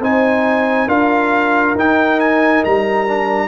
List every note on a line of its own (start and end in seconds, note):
0.00 0.87 C4
0.00 0.88 D#4
0.00 0.87 C5
0.00 0.89 G#5
0.87 1.74 D4
0.87 1.75 F4
0.87 3.48 A#4
0.87 1.76 F5
1.75 2.62 D#4
1.75 3.07 D#4
1.75 2.20 G5
2.20 2.63 G#5
2.64 3.48 G3
2.64 3.48 A#5
3.07 3.48 D4